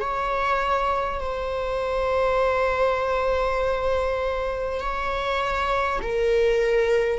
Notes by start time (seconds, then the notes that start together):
0.00 C#5
1.21 C5
4.81 C#5
6.02 A#4